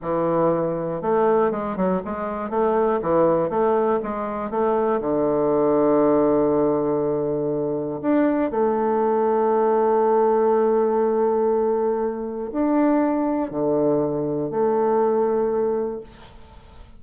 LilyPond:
\new Staff \with { instrumentName = "bassoon" } { \time 4/4 \tempo 4 = 120 e2 a4 gis8 fis8 | gis4 a4 e4 a4 | gis4 a4 d2~ | d1 |
d'4 a2.~ | a1~ | a4 d'2 d4~ | d4 a2. | }